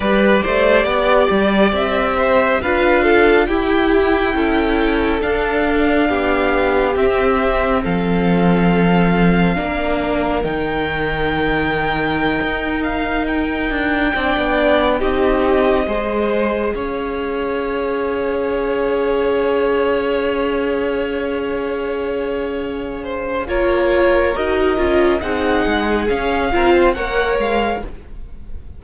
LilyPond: <<
  \new Staff \with { instrumentName = "violin" } { \time 4/4 \tempo 4 = 69 d''2 e''4 f''4 | g''2 f''2 | e''4 f''2. | g''2~ g''8. f''8 g''8.~ |
g''4~ g''16 dis''2 f''8.~ | f''1~ | f''2. cis''4 | dis''4 fis''4 f''4 fis''8 f''8 | }
  \new Staff \with { instrumentName = "violin" } { \time 4/4 b'8 c''8 d''4. c''8 b'8 a'8 | g'4 a'2 g'4~ | g'4 a'2 ais'4~ | ais'1~ |
ais'16 d''4 g'4 c''4 cis''8.~ | cis''1~ | cis''2~ cis''8 c''8 ais'4~ | ais'4 gis'4. ais'16 c''16 cis''4 | }
  \new Staff \with { instrumentName = "viola" } { \time 4/4 g'2. f'4 | e'2 d'2 | c'2. d'4 | dis'1~ |
dis'16 d'4 dis'4 gis'4.~ gis'16~ | gis'1~ | gis'2. f'4 | fis'8 f'8 dis'4 cis'8 f'8 ais'4 | }
  \new Staff \with { instrumentName = "cello" } { \time 4/4 g8 a8 b8 g8 c'4 d'4 | e'4 cis'4 d'4 b4 | c'4 f2 ais4 | dis2~ dis16 dis'4. d'16~ |
d'16 c'16 b8. c'4 gis4 cis'8.~ | cis'1~ | cis'2. ais4 | dis'8 cis'8 c'8 gis8 cis'8 c'8 ais8 gis8 | }
>>